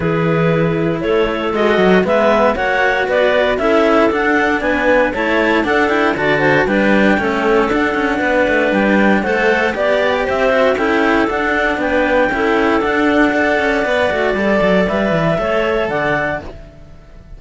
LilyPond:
<<
  \new Staff \with { instrumentName = "clarinet" } { \time 4/4 \tempo 4 = 117 b'2 cis''4 dis''4 | e''4 fis''4 d''4 e''4 | fis''4 gis''4 a''4 fis''8 g''8 | a''4 g''2 fis''4~ |
fis''4 g''4 fis''4 d''4 | e''4 g''4 fis''4 g''4~ | g''4 fis''2. | d''4 e''2 fis''4 | }
  \new Staff \with { instrumentName = "clarinet" } { \time 4/4 gis'2 a'2 | b'4 cis''4 b'4 a'4~ | a'4 b'4 cis''4 a'4 | d''8 c''8 b'4 a'2 |
b'2 c''4 d''4 | c''4 a'2 b'4 | a'2 d''2~ | d''2 cis''4 d''4 | }
  \new Staff \with { instrumentName = "cello" } { \time 4/4 e'2. fis'4 | b4 fis'2 e'4 | d'2 e'4 d'8 e'8 | fis'4 d'4 cis'4 d'4~ |
d'2 a'4 g'4~ | g'8 fis'8 e'4 d'2 | e'4 d'4 a'4 b'8 fis'8 | a'4 b'4 a'2 | }
  \new Staff \with { instrumentName = "cello" } { \time 4/4 e2 a4 gis8 fis8 | gis4 ais4 b4 cis'4 | d'4 b4 a4 d'4 | d4 g4 a4 d'8 cis'8 |
b8 a8 g4 a4 b4 | c'4 cis'4 d'4 b4 | cis'4 d'4. cis'8 b8 a8 | g8 fis8 g8 e8 a4 d4 | }
>>